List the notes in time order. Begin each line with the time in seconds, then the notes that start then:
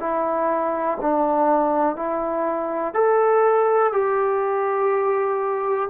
0.00 E4
1.01 D4
1.96 E4
2.95 A4
3.93 G4